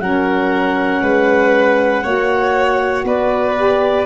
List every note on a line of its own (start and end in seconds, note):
0.00 1.02 F#3
0.00 2.05 C#4
0.00 1.03 A#4
0.00 3.05 F#5
1.02 2.04 G#3
1.02 2.04 B4
2.04 3.05 A#3
2.04 3.57 F#4
2.04 3.06 C#5
3.05 4.06 B3
3.05 4.06 B4
3.05 4.06 D5
3.57 4.06 G4